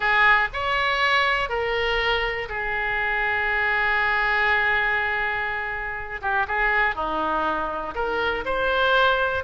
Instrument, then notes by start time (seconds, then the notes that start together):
oboe
0.00 G#4
0.53 C#5
1.49 A#4
2.48 G#4
6.21 G4
6.47 G#4
6.95 D#4
7.94 A#4
8.45 C5